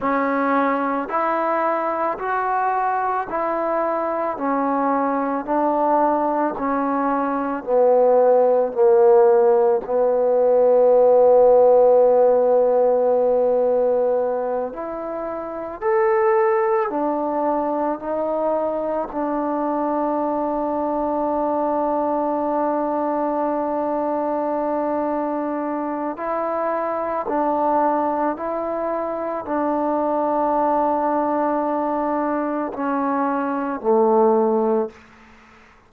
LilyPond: \new Staff \with { instrumentName = "trombone" } { \time 4/4 \tempo 4 = 55 cis'4 e'4 fis'4 e'4 | cis'4 d'4 cis'4 b4 | ais4 b2.~ | b4. e'4 a'4 d'8~ |
d'8 dis'4 d'2~ d'8~ | d'1 | e'4 d'4 e'4 d'4~ | d'2 cis'4 a4 | }